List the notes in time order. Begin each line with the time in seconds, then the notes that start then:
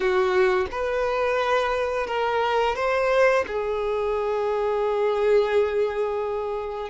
0.00 F#4
0.71 B4
2.06 A#4
2.75 C5
3.47 G#4